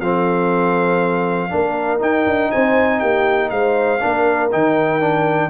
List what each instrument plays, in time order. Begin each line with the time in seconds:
0.00 tuba F3, trombone C4, horn A4, trumpet F5
1.49 tuba A#3, trombone D4, horn A#4
1.99 trombone D#4, tuba D#4, trumpet G5
2.26 tuba D4
2.51 tuba C4, horn C5, trumpet G#5
2.99 tuba A#3, horn G4, trumpet G5
3.50 tuba G#3, horn C5, trumpet F5
4.00 tuba A#3, trombone D4, horn A#4
4.52 tuba D#3, trombone D#4, trumpet G5
5.00 trombone D4